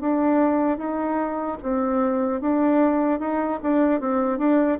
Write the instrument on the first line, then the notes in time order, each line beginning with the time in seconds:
bassoon
0.00 D4
0.77 D#4
1.62 C4
2.40 D4
3.19 D#4
3.62 D4
4.00 C4
4.38 D4